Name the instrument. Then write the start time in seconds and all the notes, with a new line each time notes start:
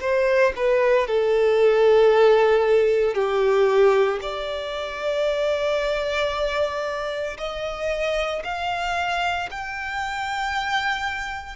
violin
0.00 C5
0.56 B4
1.07 A4
3.14 G4
4.21 D5
7.37 D#5
8.44 F5
9.51 G5